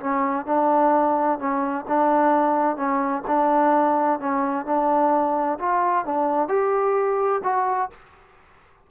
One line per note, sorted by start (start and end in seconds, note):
0.00 0.45 C#4
0.45 1.38 D4
1.38 1.85 C#4
1.88 2.76 D4
2.76 3.23 C#4
3.27 4.19 D4
4.19 4.66 C#4
4.66 5.59 D4
5.59 6.05 F4
6.05 6.48 D4
6.48 7.41 G4
7.43 7.90 F#4